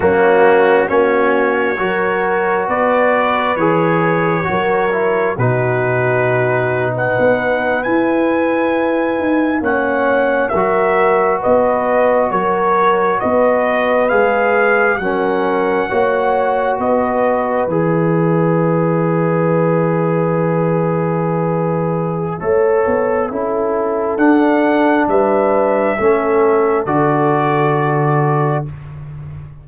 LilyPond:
<<
  \new Staff \with { instrumentName = "trumpet" } { \time 4/4 \tempo 4 = 67 fis'4 cis''2 d''4 | cis''2 b'4.~ b'16 fis''16~ | fis''8. gis''2 fis''4 e''16~ | e''8. dis''4 cis''4 dis''4 f''16~ |
f''8. fis''2 dis''4 e''16~ | e''1~ | e''2. fis''4 | e''2 d''2 | }
  \new Staff \with { instrumentName = "horn" } { \time 4/4 cis'4 fis'4 ais'4 b'4~ | b'4 ais'4 fis'4.~ fis'16 b'16~ | b'2~ b'8. cis''4 ais'16~ | ais'8. b'4 ais'4 b'4~ b'16~ |
b'8. ais'4 cis''4 b'4~ b'16~ | b'1~ | b'4 cis''4 a'2 | b'4 a'2. | }
  \new Staff \with { instrumentName = "trombone" } { \time 4/4 ais4 cis'4 fis'2 | gis'4 fis'8 e'8 dis'2~ | dis'8. e'2 cis'4 fis'16~ | fis'2.~ fis'8. gis'16~ |
gis'8. cis'4 fis'2 gis'16~ | gis'1~ | gis'4 a'4 e'4 d'4~ | d'4 cis'4 fis'2 | }
  \new Staff \with { instrumentName = "tuba" } { \time 4/4 fis4 ais4 fis4 b4 | e4 fis4 b,2 | b8. e'4. dis'8 ais4 fis16~ | fis8. b4 fis4 b4 gis16~ |
gis8. fis4 ais4 b4 e16~ | e1~ | e4 a8 b8 cis'4 d'4 | g4 a4 d2 | }
>>